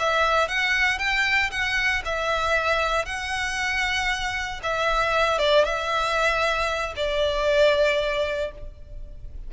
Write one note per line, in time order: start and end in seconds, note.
0.00 0.49 E5
0.49 0.99 F#5
0.99 1.51 G5
1.51 2.03 F#5
2.05 3.06 E5
3.06 4.61 F#5
4.64 5.39 E5
5.39 5.65 D5
5.65 6.94 E5
6.97 8.52 D5